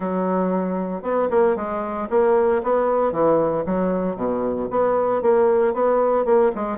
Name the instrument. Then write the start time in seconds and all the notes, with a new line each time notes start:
bassoon
0.00 F#3
1.02 B3
1.30 A#3
1.55 G#3
2.10 A#3
2.63 B3
3.11 E3
3.65 F#3
4.16 B2
4.70 B3
5.22 A#3
5.73 B3
6.25 A#3
6.55 G#3